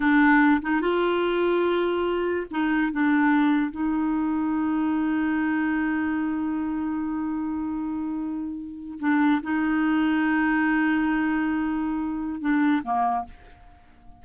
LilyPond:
\new Staff \with { instrumentName = "clarinet" } { \time 4/4 \tempo 4 = 145 d'4. dis'8 f'2~ | f'2 dis'4 d'4~ | d'4 dis'2.~ | dis'1~ |
dis'1~ | dis'4.~ dis'16 d'4 dis'4~ dis'16~ | dis'1~ | dis'2 d'4 ais4 | }